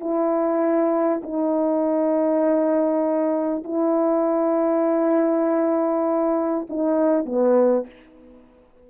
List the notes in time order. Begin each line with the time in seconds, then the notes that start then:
0.00 E4
1.23 D#4
3.64 E4
6.69 D#4
7.25 B3